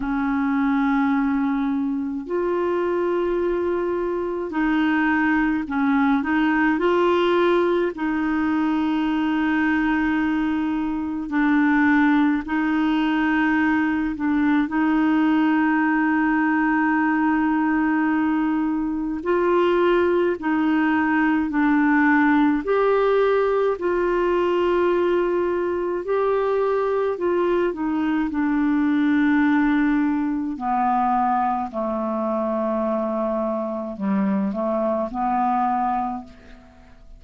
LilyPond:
\new Staff \with { instrumentName = "clarinet" } { \time 4/4 \tempo 4 = 53 cis'2 f'2 | dis'4 cis'8 dis'8 f'4 dis'4~ | dis'2 d'4 dis'4~ | dis'8 d'8 dis'2.~ |
dis'4 f'4 dis'4 d'4 | g'4 f'2 g'4 | f'8 dis'8 d'2 b4 | a2 g8 a8 b4 | }